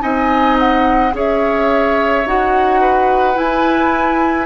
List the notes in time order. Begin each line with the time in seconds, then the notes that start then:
0.00 C4 D#4 D#5 G#5
0.59 F#5
1.13 C#4 G#4 C#5 E5
2.25 D#4 F#4 F#5
2.81 B4
3.34 E4 G#5